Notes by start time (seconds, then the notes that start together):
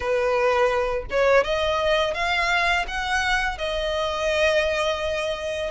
0.00 B4
1.10 C#5
1.44 D#5
2.14 F5
2.87 F#5
3.57 D#5